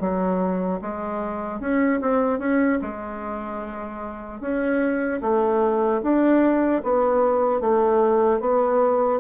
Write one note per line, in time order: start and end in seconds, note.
0.00 0.80 F#3
0.81 1.60 G#3
1.60 2.00 C#4
2.01 2.39 C4
2.39 2.79 C#4
2.81 4.41 G#3
4.41 5.21 C#4
5.21 6.01 A3
6.03 6.83 D4
6.83 7.61 B3
7.61 8.40 A3
8.40 9.20 B3